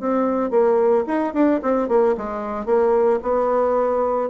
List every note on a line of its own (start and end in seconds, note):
0.00 0.50 C4
0.50 1.04 A#3
1.07 1.33 D#4
1.33 1.60 D4
1.62 1.88 C4
1.88 2.15 A#3
2.17 2.65 G#3
2.65 3.19 A#3
3.22 4.29 B3